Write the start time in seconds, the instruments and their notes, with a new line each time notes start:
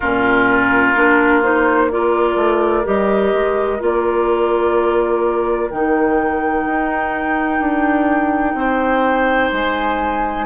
0.00 bassoon A#2, clarinet C#4, oboe F4, flute A#4
0.95 bassoon A#3, clarinet D4
1.42 clarinet D#4, flute C5
1.89 clarinet F4, oboe A#4, flute D5
2.36 bassoon A3
2.84 bassoon G3, clarinet G4, flute D#5
3.33 bassoon G#3
3.79 bassoon A#3, clarinet F4, flute D5
5.70 bassoon D#3, clarinet D#4, flute G5
6.65 bassoon D#4
7.59 bassoon D4
8.54 bassoon C4, oboe C5
9.51 bassoon G#3, flute G#5